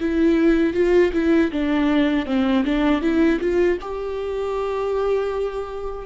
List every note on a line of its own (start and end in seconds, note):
0.00 0.74 E4
0.74 1.12 F4
1.14 1.52 E4
1.52 2.26 D4
2.26 2.64 C4
2.65 3.02 D4
3.02 3.40 E4
3.41 3.79 F4
3.81 6.06 G4